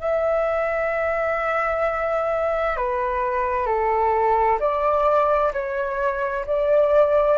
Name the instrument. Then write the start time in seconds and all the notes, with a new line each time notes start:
flute
0.00 E5
2.77 B4
3.66 A4
4.60 D5
5.53 C#5
6.46 D5